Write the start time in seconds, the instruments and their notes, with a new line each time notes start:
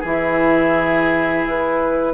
0.00 bassoon E3, clarinet E4, oboe G#4, flute E5
1.45 bassoon E4, flute B4